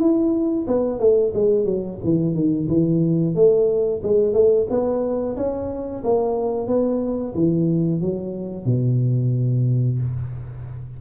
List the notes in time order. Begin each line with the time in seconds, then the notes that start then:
0.00 E4
0.68 B3
1.00 A3
1.35 G#3
1.65 F#3
2.04 E3
2.35 D#3
2.69 E3
3.36 A3
4.03 G#3
4.34 A3
4.70 B3
5.37 C#4
6.04 A#3
6.68 B3
7.35 E3
8.01 F#3
8.66 B2